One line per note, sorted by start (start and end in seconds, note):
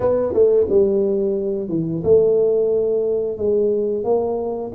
0.00 0.33 B3
0.33 0.66 A3
0.69 1.69 G3
1.69 2.02 E3
2.03 3.37 A3
3.37 4.04 G#3
4.04 4.71 A#3